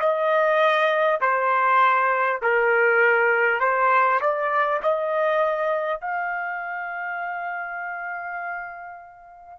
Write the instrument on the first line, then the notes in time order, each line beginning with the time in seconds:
trumpet
0.00 D#5
1.21 C5
2.42 A#4
3.60 C5
4.21 D5
4.83 D#5
6.01 F5